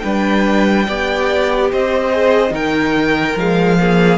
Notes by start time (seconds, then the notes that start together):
0.00 G3 D4 B4 G5
0.88 B3 G4 D5
1.72 C4 C5 D#5
2.13 G#4
2.51 D#3 D#4 A#4 G5
3.37 F3 G#3 F5
3.80 A#3 G#4